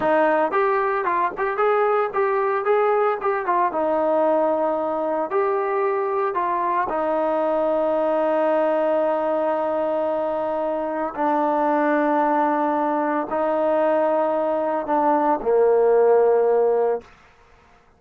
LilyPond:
\new Staff \with { instrumentName = "trombone" } { \time 4/4 \tempo 4 = 113 dis'4 g'4 f'8 g'8 gis'4 | g'4 gis'4 g'8 f'8 dis'4~ | dis'2 g'2 | f'4 dis'2.~ |
dis'1~ | dis'4 d'2.~ | d'4 dis'2. | d'4 ais2. | }